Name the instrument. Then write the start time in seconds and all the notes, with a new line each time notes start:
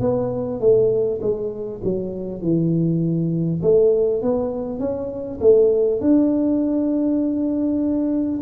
tuba
0.00 B3
0.60 A3
1.21 G#3
1.83 F#3
2.41 E3
3.62 A3
4.22 B3
4.79 C#4
5.41 A3
6.01 D4